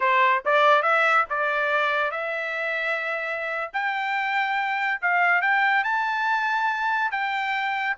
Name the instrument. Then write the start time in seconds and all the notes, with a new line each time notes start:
trumpet
0.00 C5
0.45 D5
0.82 E5
1.29 D5
2.11 E5
3.73 G5
5.01 F5
5.41 G5
5.84 A5
7.11 G5